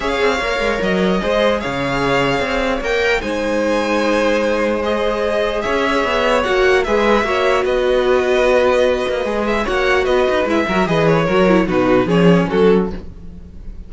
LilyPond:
<<
  \new Staff \with { instrumentName = "violin" } { \time 4/4 \tempo 4 = 149 f''2 dis''2 | f''2. g''4 | gis''1 | dis''2 e''2 |
fis''4 e''2 dis''4~ | dis''2.~ dis''8 e''8 | fis''4 dis''4 e''4 dis''8 cis''8~ | cis''4 b'4 cis''4 a'4 | }
  \new Staff \with { instrumentName = "violin" } { \time 4/4 cis''2. c''4 | cis''1 | c''1~ | c''2 cis''2~ |
cis''4 b'4 cis''4 b'4~ | b'1 | cis''4 b'4. ais'8 b'4 | ais'4 fis'4 gis'4 fis'4 | }
  \new Staff \with { instrumentName = "viola" } { \time 4/4 gis'4 ais'2 gis'4~ | gis'2. ais'4 | dis'1 | gis'1 |
fis'4 gis'4 fis'2~ | fis'2. gis'4 | fis'2 e'8 fis'8 gis'4 | fis'8 e'8 dis'4 cis'2 | }
  \new Staff \with { instrumentName = "cello" } { \time 4/4 cis'8 c'8 ais8 gis8 fis4 gis4 | cis2 c'4 ais4 | gis1~ | gis2 cis'4 b4 |
ais4 gis4 ais4 b4~ | b2~ b8 ais8 gis4 | ais4 b8 dis'8 gis8 fis8 e4 | fis4 b,4 f4 fis4 | }
>>